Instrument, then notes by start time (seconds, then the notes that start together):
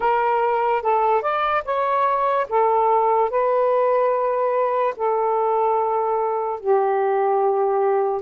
saxophone
0.00 A#4
0.82 A4
1.21 D5
1.64 C#5
2.49 A4
3.30 B4
4.96 A4
6.59 G4